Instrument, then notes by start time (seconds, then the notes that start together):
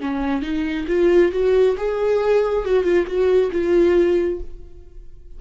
viola
0.00 C#4
0.42 D#4
0.87 F4
1.32 F#4
1.77 G#4
2.64 F#4
2.83 F4
3.06 F#4
3.51 F4